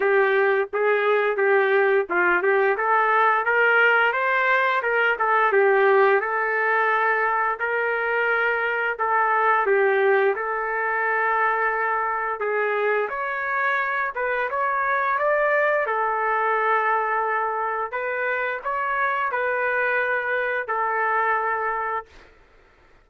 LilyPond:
\new Staff \with { instrumentName = "trumpet" } { \time 4/4 \tempo 4 = 87 g'4 gis'4 g'4 f'8 g'8 | a'4 ais'4 c''4 ais'8 a'8 | g'4 a'2 ais'4~ | ais'4 a'4 g'4 a'4~ |
a'2 gis'4 cis''4~ | cis''8 b'8 cis''4 d''4 a'4~ | a'2 b'4 cis''4 | b'2 a'2 | }